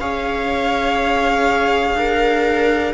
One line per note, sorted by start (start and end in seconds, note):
0.00 1.95 C#4
0.00 2.94 G#4
0.00 1.97 C#5
0.00 2.94 F5
1.95 2.93 D4
1.95 2.94 A#4